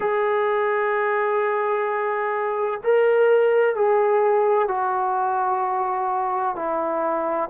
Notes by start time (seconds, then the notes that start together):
0.00 G#4
2.83 A#4
3.75 G#4
4.68 F#4
6.55 E4